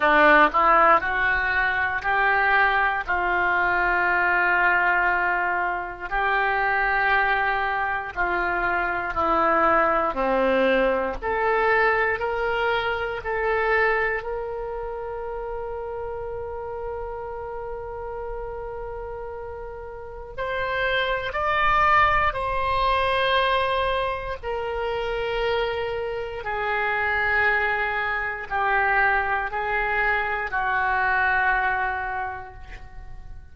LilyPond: \new Staff \with { instrumentName = "oboe" } { \time 4/4 \tempo 4 = 59 d'8 e'8 fis'4 g'4 f'4~ | f'2 g'2 | f'4 e'4 c'4 a'4 | ais'4 a'4 ais'2~ |
ais'1 | c''4 d''4 c''2 | ais'2 gis'2 | g'4 gis'4 fis'2 | }